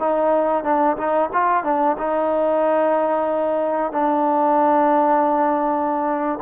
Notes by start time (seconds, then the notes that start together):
0.00 D#4
0.64 D4
0.97 D#4
1.33 F4
1.64 D4
1.98 D#4
3.93 D4